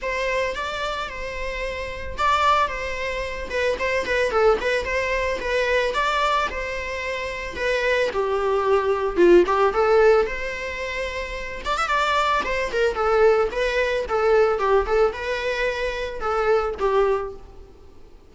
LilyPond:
\new Staff \with { instrumentName = "viola" } { \time 4/4 \tempo 4 = 111 c''4 d''4 c''2 | d''4 c''4. b'8 c''8 b'8 | a'8 b'8 c''4 b'4 d''4 | c''2 b'4 g'4~ |
g'4 f'8 g'8 a'4 c''4~ | c''4. d''16 e''16 d''4 c''8 ais'8 | a'4 b'4 a'4 g'8 a'8 | b'2 a'4 g'4 | }